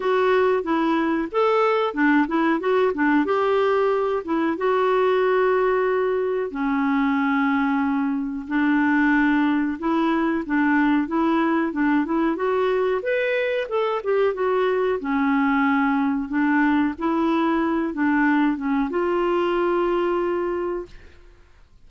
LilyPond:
\new Staff \with { instrumentName = "clarinet" } { \time 4/4 \tempo 4 = 92 fis'4 e'4 a'4 d'8 e'8 | fis'8 d'8 g'4. e'8 fis'4~ | fis'2 cis'2~ | cis'4 d'2 e'4 |
d'4 e'4 d'8 e'8 fis'4 | b'4 a'8 g'8 fis'4 cis'4~ | cis'4 d'4 e'4. d'8~ | d'8 cis'8 f'2. | }